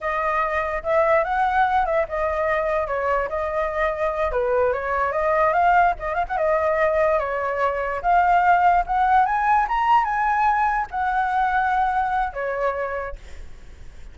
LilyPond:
\new Staff \with { instrumentName = "flute" } { \time 4/4 \tempo 4 = 146 dis''2 e''4 fis''4~ | fis''8 e''8 dis''2 cis''4 | dis''2~ dis''8 b'4 cis''8~ | cis''8 dis''4 f''4 dis''8 f''16 fis''16 dis''8~ |
dis''4. cis''2 f''8~ | f''4. fis''4 gis''4 ais''8~ | ais''8 gis''2 fis''4.~ | fis''2 cis''2 | }